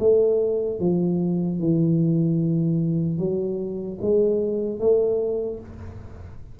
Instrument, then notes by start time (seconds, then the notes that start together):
tuba
0.00 A3
0.80 F3
1.60 E3
3.19 F#3
4.01 G#3
4.80 A3